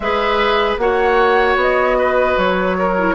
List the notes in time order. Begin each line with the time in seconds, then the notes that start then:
0.00 G#3 G#4 B4 E5
0.78 A#3 F#4 C#5 F#5
1.56 B3 D#5
1.98 B4
2.37 F#3 C#5
2.78 A#4
2.98 E4